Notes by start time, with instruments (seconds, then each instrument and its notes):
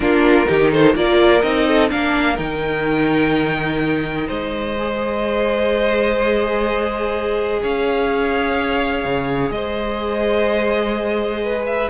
0.00 cello A#3, viola D4, violin F4 A#4
0.46 cello D#3, viola D#4, violin G4
0.71 violin A4 C5
0.94 cello A#3, viola F4, violin A#4 D5
1.41 cello C4, viola D#4, violin D#5
1.67 violin A4
1.89 cello A#3, viola D4, violin A#4 F5
2.36 cello D#3, viola D#4, violin G5
4.27 cello G#3, violin C5 D#5
4.77 viola G#4
7.61 cello C#4, violin C#5 F5
9.05 cello C#3
9.50 cello G#3, violin C5 D#5
11.44 violin B4
11.66 violin E5